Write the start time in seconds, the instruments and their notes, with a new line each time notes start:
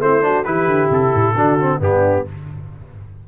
0.00 tuba A3, trombone C4, horn E4, trumpet C5
0.22 trombone D4, horn F#4
0.44 tuba E3, trombone E4, horn G4, trumpet B4
0.67 tuba D3
0.90 tuba C3, trumpet A4
1.15 tuba A2
1.34 tuba D3, trombone D4, horn F#4
1.60 trombone C4
1.80 tuba G2, trombone B3, horn D4, trumpet G4